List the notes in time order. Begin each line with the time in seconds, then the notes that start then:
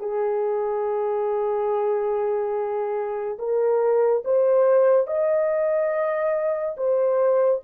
0.00 G#4
3.39 A#4
4.25 C5
5.07 D#5
6.78 C5